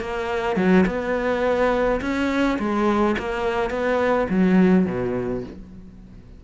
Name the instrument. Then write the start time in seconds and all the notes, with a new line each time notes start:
cello
0.00 A#3
0.56 F#3
0.86 B3
2.01 C#4
2.58 G#3
3.18 A#3
3.70 B3
4.29 F#3
4.86 B2